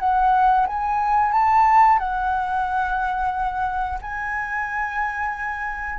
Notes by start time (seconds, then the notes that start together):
0.00 F#5
0.67 G#5
1.32 A5
1.99 F#5
4.02 G#5